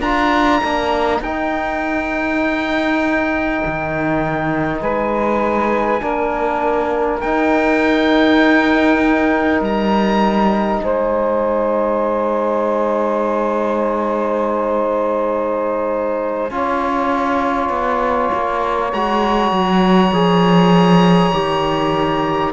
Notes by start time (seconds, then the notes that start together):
0.00 D4 F4 A#4 A#5
0.62 A#3 D4
1.21 D#4 G5
3.66 D#3
4.81 G#3 B4 G#5
6.01 A#3 D4 A#4
7.21 D#4 G5
9.61 G3 A#5
10.84 G#3 C5 G#5
16.50 C#4 F4 C#5
17.70 B3
18.34 A#3
18.93 G#3 F#4 A#5
19.51 F#3
20.12 F3 G#4
21.33 D#3 G4